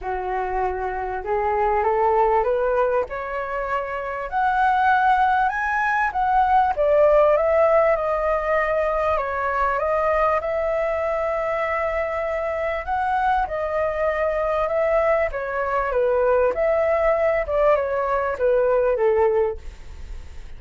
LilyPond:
\new Staff \with { instrumentName = "flute" } { \time 4/4 \tempo 4 = 98 fis'2 gis'4 a'4 | b'4 cis''2 fis''4~ | fis''4 gis''4 fis''4 d''4 | e''4 dis''2 cis''4 |
dis''4 e''2.~ | e''4 fis''4 dis''2 | e''4 cis''4 b'4 e''4~ | e''8 d''8 cis''4 b'4 a'4 | }